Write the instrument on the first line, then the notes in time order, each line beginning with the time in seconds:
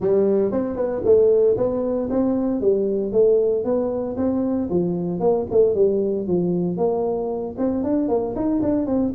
tuba
0.00 G3
0.51 C4
0.76 B3
1.04 A3
1.57 B3
2.09 C4
2.60 G3
3.12 A3
3.64 B3
4.16 C4
4.70 F3
5.19 A#3
5.50 A3
5.75 G3
6.27 F3
6.77 A#3
7.58 C4
7.83 D4
8.08 A#3
8.35 D#4
8.62 D4
8.86 C4